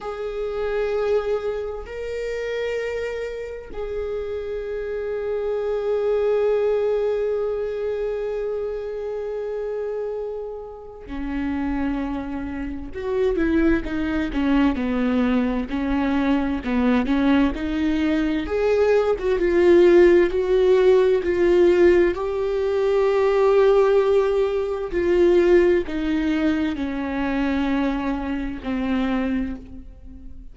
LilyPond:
\new Staff \with { instrumentName = "viola" } { \time 4/4 \tempo 4 = 65 gis'2 ais'2 | gis'1~ | gis'1 | cis'2 fis'8 e'8 dis'8 cis'8 |
b4 cis'4 b8 cis'8 dis'4 | gis'8. fis'16 f'4 fis'4 f'4 | g'2. f'4 | dis'4 cis'2 c'4 | }